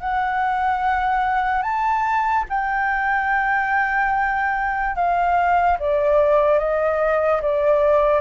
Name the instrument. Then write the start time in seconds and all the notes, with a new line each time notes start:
flute
0.00 F#5
1.63 A5
2.49 G5
4.95 F5
5.79 D5
6.59 D#5
7.41 D5